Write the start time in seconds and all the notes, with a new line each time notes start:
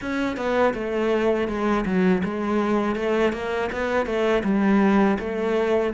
0.01 C#4
0.36 B3
0.74 A3
1.47 G#3
1.85 F#3
2.24 G#3
2.95 A3
3.32 A#3
3.71 B3
4.06 A3
4.43 G3
5.19 A3